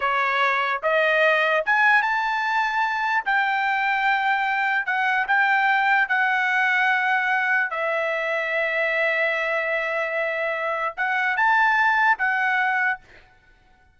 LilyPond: \new Staff \with { instrumentName = "trumpet" } { \time 4/4 \tempo 4 = 148 cis''2 dis''2 | gis''4 a''2. | g''1 | fis''4 g''2 fis''4~ |
fis''2. e''4~ | e''1~ | e''2. fis''4 | a''2 fis''2 | }